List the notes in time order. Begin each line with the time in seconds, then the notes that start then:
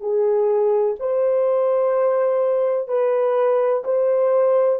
0.00 G#4
0.99 C5
2.87 B4
3.84 C5